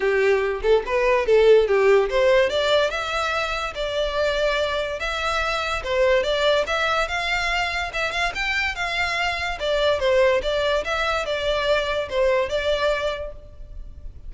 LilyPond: \new Staff \with { instrumentName = "violin" } { \time 4/4 \tempo 4 = 144 g'4. a'8 b'4 a'4 | g'4 c''4 d''4 e''4~ | e''4 d''2. | e''2 c''4 d''4 |
e''4 f''2 e''8 f''8 | g''4 f''2 d''4 | c''4 d''4 e''4 d''4~ | d''4 c''4 d''2 | }